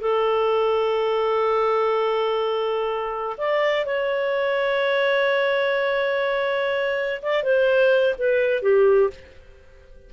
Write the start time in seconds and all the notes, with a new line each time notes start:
0.00 A4
3.37 D5
3.85 C#5
7.22 D5
7.43 C5
8.18 B4
8.62 G4